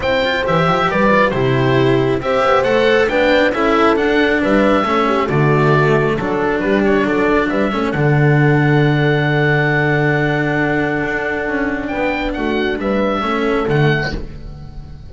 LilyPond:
<<
  \new Staff \with { instrumentName = "oboe" } { \time 4/4 \tempo 4 = 136 g''4 e''4 d''4 c''4~ | c''4 e''4 fis''4 g''4 | e''4 fis''4 e''2 | d''2 a'4 b'8 cis''8 |
d''4 e''4 fis''2~ | fis''1~ | fis''2. g''4 | fis''4 e''2 fis''4 | }
  \new Staff \with { instrumentName = "horn" } { \time 4/4 c''2 b'4 g'4~ | g'4 c''2 b'4 | a'2 b'4 a'8 g'8 | fis'2 a'4 g'4 |
a'4 b'8 a'2~ a'8~ | a'1~ | a'2. b'4 | fis'4 b'4 a'2 | }
  \new Staff \with { instrumentName = "cello" } { \time 4/4 e'8 f'8 g'4. f'8 e'4~ | e'4 g'4 a'4 d'4 | e'4 d'2 cis'4 | a2 d'2~ |
d'4. cis'8 d'2~ | d'1~ | d'1~ | d'2 cis'4 a4 | }
  \new Staff \with { instrumentName = "double bass" } { \time 4/4 c'4 e8 f8 g4 c4~ | c4 c'8 b8 a4 b4 | cis'4 d'4 g4 a4 | d2 fis4 g4 |
fis4 g8 a8 d2~ | d1~ | d4 d'4 cis'4 b4 | a4 g4 a4 d4 | }
>>